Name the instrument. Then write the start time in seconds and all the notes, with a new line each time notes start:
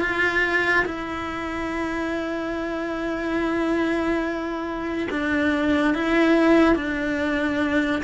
cello
0.00 F4
0.85 E4
5.10 D4
5.94 E4
6.75 D4